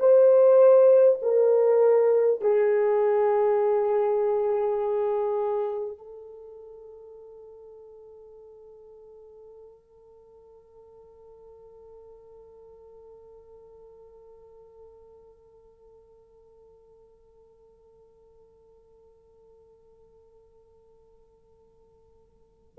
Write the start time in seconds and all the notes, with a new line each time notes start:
0.00 C5
1.22 A#4
2.42 G#4
5.99 A4